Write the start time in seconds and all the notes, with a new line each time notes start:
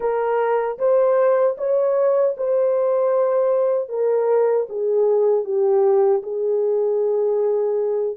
0.00 A#4
0.78 C5
1.57 C#5
2.37 C5
3.89 A#4
4.69 G#4
5.44 G4
6.22 G#4